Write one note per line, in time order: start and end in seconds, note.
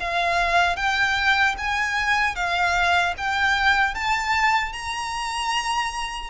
0.00 0.76 F5
0.76 1.55 G5
1.58 2.35 G#5
2.35 3.14 F5
3.18 3.95 G5
3.95 4.73 A5
4.73 6.30 A#5